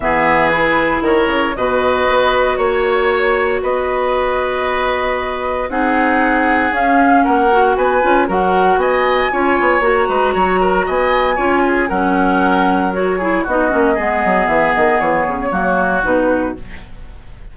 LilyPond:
<<
  \new Staff \with { instrumentName = "flute" } { \time 4/4 \tempo 4 = 116 e''4 b'4 cis''4 dis''4~ | dis''4 cis''2 dis''4~ | dis''2. fis''4~ | fis''4 f''4 fis''4 gis''4 |
fis''4 gis''2 ais''4~ | ais''4 gis''2 fis''4~ | fis''4 cis''4 dis''2 | e''8 dis''8 cis''2 b'4 | }
  \new Staff \with { instrumentName = "oboe" } { \time 4/4 gis'2 ais'4 b'4~ | b'4 cis''2 b'4~ | b'2. gis'4~ | gis'2 ais'4 b'4 |
ais'4 dis''4 cis''4. b'8 | cis''8 ais'8 dis''4 cis''8 gis'8 ais'4~ | ais'4. gis'8 fis'4 gis'4~ | gis'2 fis'2 | }
  \new Staff \with { instrumentName = "clarinet" } { \time 4/4 b4 e'2 fis'4~ | fis'1~ | fis'2. dis'4~ | dis'4 cis'4. fis'4 f'8 |
fis'2 f'4 fis'4~ | fis'2 f'4 cis'4~ | cis'4 fis'8 e'8 dis'8 cis'8 b4~ | b2 ais4 dis'4 | }
  \new Staff \with { instrumentName = "bassoon" } { \time 4/4 e2 dis8 cis8 b,4 | b4 ais2 b4~ | b2. c'4~ | c'4 cis'4 ais4 b8 cis'8 |
fis4 b4 cis'8 b8 ais8 gis8 | fis4 b4 cis'4 fis4~ | fis2 b8 ais8 gis8 fis8 | e8 dis8 e8 cis8 fis4 b,4 | }
>>